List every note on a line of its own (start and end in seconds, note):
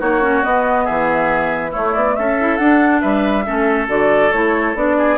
0.00 0.44 A#3
0.00 0.22 D#4
0.00 0.85 F#4
0.00 0.44 C#5
0.22 0.43 C#4
0.43 1.72 B3
0.43 0.88 B3
0.43 0.86 D#5
0.85 1.76 E3
0.85 1.71 G#4
0.85 1.72 E5
1.71 2.36 A3
1.71 1.95 A3
1.71 2.14 E4
1.71 1.94 C#5
1.94 2.17 B3
1.94 2.16 D5
2.16 2.59 C#4
2.16 3.01 A4
2.16 2.57 E5
2.40 2.59 E4
2.57 3.45 D4
2.57 3.02 D4
2.57 3.00 F#5
3.01 3.47 G3
3.01 3.44 B4
3.01 3.87 E5
3.45 3.88 A3
3.45 3.88 C#4
3.45 4.97 A4
3.88 4.31 D3
3.88 4.31 F#4
3.88 4.32 D5
4.32 4.75 A3
4.32 4.76 E4
4.32 4.76 C#5
4.75 5.18 B3
4.75 5.18 D4
4.75 5.18 D5
4.98 5.18 G#4